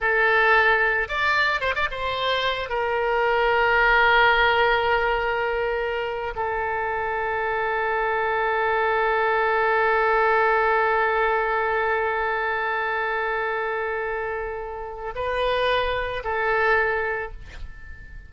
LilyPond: \new Staff \with { instrumentName = "oboe" } { \time 4/4 \tempo 4 = 111 a'2 d''4 c''16 d''16 c''8~ | c''4 ais'2.~ | ais'2.~ ais'8. a'16~ | a'1~ |
a'1~ | a'1~ | a'1 | b'2 a'2 | }